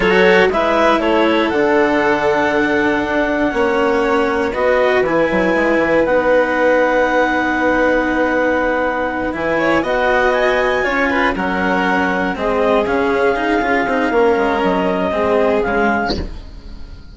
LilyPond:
<<
  \new Staff \with { instrumentName = "clarinet" } { \time 4/4 \tempo 4 = 119 cis''4 e''4 cis''4 fis''4~ | fis''1~ | fis''4 dis''4 gis''2 | fis''1~ |
fis''2~ fis''8 gis''4 fis''8~ | fis''8 gis''2 fis''4.~ | fis''8 dis''4 f''2~ f''8~ | f''4 dis''2 f''4 | }
  \new Staff \with { instrumentName = "violin" } { \time 4/4 a'4 b'4 a'2~ | a'2. cis''4~ | cis''4 b'2.~ | b'1~ |
b'2. cis''8 dis''8~ | dis''4. cis''8 b'8 ais'4.~ | ais'8 gis'2.~ gis'8 | ais'2 gis'2 | }
  \new Staff \with { instrumentName = "cello" } { \time 4/4 fis'4 e'2 d'4~ | d'2. cis'4~ | cis'4 fis'4 e'2 | dis'1~ |
dis'2~ dis'8 e'4 fis'8~ | fis'4. f'4 cis'4.~ | cis'8 c'4 cis'4 dis'8 f'8 dis'8 | cis'2 c'4 gis4 | }
  \new Staff \with { instrumentName = "bassoon" } { \time 4/4 fis4 gis4 a4 d4~ | d2 d'4 ais4~ | ais4 b4 e8 fis8 gis8 e8 | b1~ |
b2~ b8 e4 b8~ | b4. cis'4 fis4.~ | fis8 gis4 cis4. cis'8 c'8 | ais8 gis8 fis4 gis4 cis4 | }
>>